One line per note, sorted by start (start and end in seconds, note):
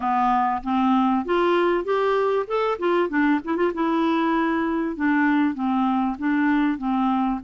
0.00 0.62 B3
0.63 1.25 C4
1.25 1.84 F4
1.84 2.46 G4
2.47 2.78 A4
2.78 3.09 F4
3.09 3.40 D4
3.44 3.56 E4
3.56 3.72 F4
3.74 4.96 E4
4.96 5.54 D4
5.54 6.16 C4
6.18 6.78 D4
6.78 7.39 C4